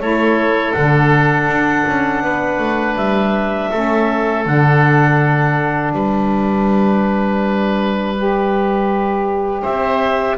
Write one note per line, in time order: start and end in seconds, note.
0.00 0.74 A3
0.00 0.75 E4
0.00 2.23 A4
0.00 0.73 C#5
0.73 1.47 D3
0.73 3.72 D4
0.73 2.95 F#5
1.47 1.84 D4
1.87 2.22 C#4
2.22 2.58 B3
2.22 3.70 B4
2.58 2.95 A3
2.96 3.70 G3
2.96 4.44 E5
3.70 4.46 A3
3.70 4.46 C#4
3.70 5.92 A4
4.46 5.93 D3
4.46 8.17 D4
4.46 5.93 F#5
5.93 9.63 G3
5.93 9.62 B4
5.93 9.63 D5
8.17 10.38 G4
9.62 10.38 C4
9.62 10.36 C5
9.62 10.37 E5